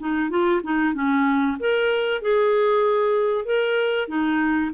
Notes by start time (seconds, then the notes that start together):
0.00 D#4
0.30 F4
0.64 D#4
0.94 C#4
1.60 A#4
2.22 G#4
3.46 A#4
4.08 D#4